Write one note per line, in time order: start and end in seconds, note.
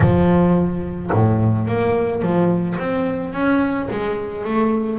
0.00 1.10 F3
1.12 1.67 A2
1.67 2.21 A#3
2.21 2.77 F3
2.78 3.33 C4
3.33 3.89 C#4
3.90 4.44 G#3
4.44 4.98 A3